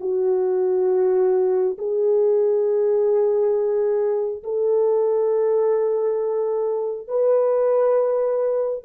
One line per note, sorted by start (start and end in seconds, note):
0.00 1.76 F#4
1.78 4.42 G#4
4.43 7.07 A4
7.07 8.84 B4